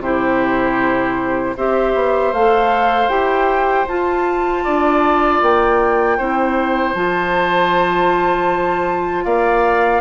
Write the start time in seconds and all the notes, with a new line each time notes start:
0.00 C3 E4 G4 C5
1.57 C4 G4 C5 E5
1.95 B3
2.33 A3 A4 F5
3.09 E4 G4 G5
3.88 F4 A5
4.64 D4 D5
5.42 A#3 G5
6.18 C4 E4 C5
6.94 F3 F4 A5
9.25 A#3 D5 F5